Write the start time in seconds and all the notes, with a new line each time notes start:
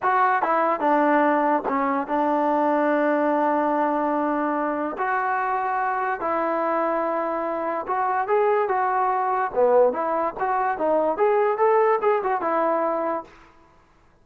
0.02 F#4
0.42 E4
0.80 D4
1.68 C#4
2.07 D4
4.98 F#4
6.20 E4
7.87 F#4
8.27 G#4
8.68 F#4
9.54 B3
9.92 E4
10.39 F#4
10.78 D#4
11.17 G#4
11.57 A4
12.01 G#4
12.23 F#4
12.41 E4